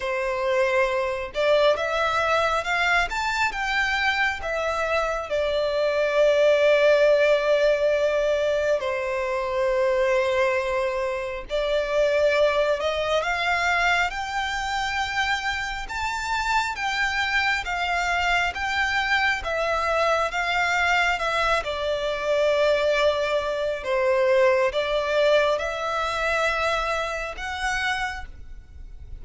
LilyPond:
\new Staff \with { instrumentName = "violin" } { \time 4/4 \tempo 4 = 68 c''4. d''8 e''4 f''8 a''8 | g''4 e''4 d''2~ | d''2 c''2~ | c''4 d''4. dis''8 f''4 |
g''2 a''4 g''4 | f''4 g''4 e''4 f''4 | e''8 d''2~ d''8 c''4 | d''4 e''2 fis''4 | }